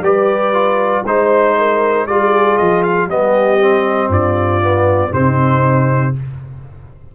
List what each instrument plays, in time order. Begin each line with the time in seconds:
0.00 tuba G3, trombone G4, horn B4, trumpet D5
0.53 trombone F4
1.04 tuba G#3, trombone D#4, horn C5, trumpet C5
1.58 horn A#4
2.06 tuba G3, trombone F4, horn G#4, trumpet D5
2.57 tuba F3, trumpet D#5
2.83 trumpet F5
3.06 tuba G3, trombone B3, horn G4, trumpet D#5
3.60 trombone C4
4.08 tuba G2, horn F4, trumpet D5
4.61 trombone B3
5.11 tuba C3, trombone C4, horn D#4, trumpet C5